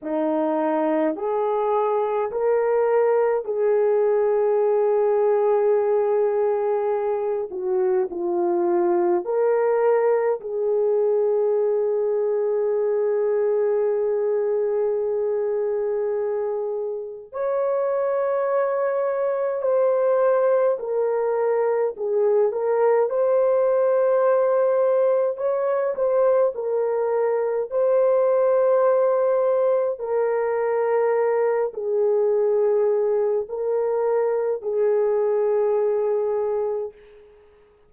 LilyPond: \new Staff \with { instrumentName = "horn" } { \time 4/4 \tempo 4 = 52 dis'4 gis'4 ais'4 gis'4~ | gis'2~ gis'8 fis'8 f'4 | ais'4 gis'2.~ | gis'2. cis''4~ |
cis''4 c''4 ais'4 gis'8 ais'8 | c''2 cis''8 c''8 ais'4 | c''2 ais'4. gis'8~ | gis'4 ais'4 gis'2 | }